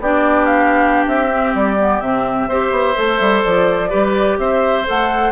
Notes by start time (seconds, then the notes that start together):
0.00 B3 D4 G4 D5
0.46 F5
1.07 C4 E5
1.31 C4
1.55 G3 D5
1.80 B3
2.01 C3 C4 E5
2.48 C4 G4 C5
2.71 B3
2.96 A3 A4
3.20 G3
3.44 F3 D5
3.90 G3 G4 B4
4.38 C4 C5 E5
4.86 A3 A4 F#5